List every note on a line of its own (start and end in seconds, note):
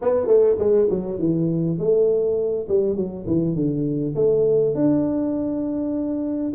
0.01 0.26 B3
0.26 0.56 A3
0.58 0.88 G#3
0.90 1.19 F#3
1.19 1.78 E3
1.78 2.67 A3
2.68 2.95 G3
2.95 3.25 F#3
3.26 3.55 E3
3.55 4.14 D3
4.15 4.74 A3
4.74 6.52 D4